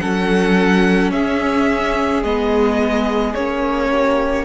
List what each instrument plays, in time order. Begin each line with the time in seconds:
0.00 cello F#3, viola C#4, violin A4 F#5
1.12 cello C#4, violin G#4 E5
2.23 cello G#3, viola B3, violin D#5
3.35 cello A#3, viola C#4, violin C#5
3.91 violin G4